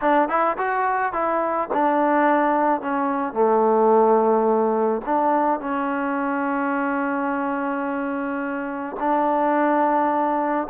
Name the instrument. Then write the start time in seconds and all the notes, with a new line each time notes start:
trombone
0.01 D4
0.28 E4
0.57 F#4
1.12 E4
1.73 D4
2.81 C#4
3.33 A3
5.05 D4
5.59 C#4
8.99 D4